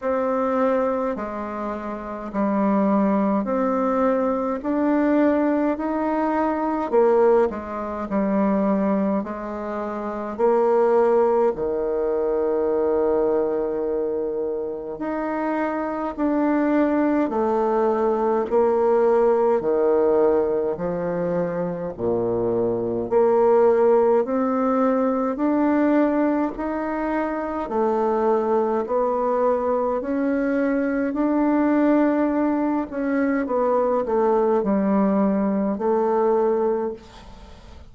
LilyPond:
\new Staff \with { instrumentName = "bassoon" } { \time 4/4 \tempo 4 = 52 c'4 gis4 g4 c'4 | d'4 dis'4 ais8 gis8 g4 | gis4 ais4 dis2~ | dis4 dis'4 d'4 a4 |
ais4 dis4 f4 ais,4 | ais4 c'4 d'4 dis'4 | a4 b4 cis'4 d'4~ | d'8 cis'8 b8 a8 g4 a4 | }